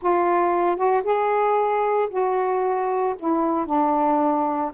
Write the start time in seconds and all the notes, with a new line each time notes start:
0.01 F4
0.76 F#4
1.03 G#4
2.10 F#4
3.19 E4
3.66 D4